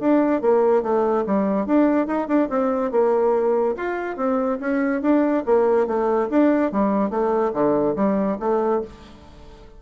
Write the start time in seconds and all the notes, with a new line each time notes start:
0.00 D4
0.42 A#3
0.83 A3
1.26 G3
1.67 D4
2.07 D#4
2.28 D4
2.50 C4
2.92 A#3
3.77 F4
4.17 C4
4.61 C#4
5.02 D4
5.46 A#3
5.87 A3
6.30 D4
6.72 G3
7.11 A3
7.54 D3
7.96 G3
8.40 A3